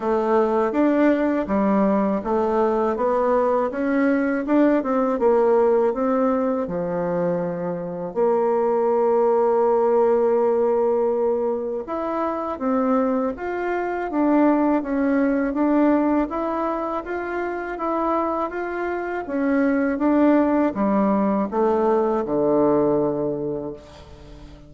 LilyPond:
\new Staff \with { instrumentName = "bassoon" } { \time 4/4 \tempo 4 = 81 a4 d'4 g4 a4 | b4 cis'4 d'8 c'8 ais4 | c'4 f2 ais4~ | ais1 |
e'4 c'4 f'4 d'4 | cis'4 d'4 e'4 f'4 | e'4 f'4 cis'4 d'4 | g4 a4 d2 | }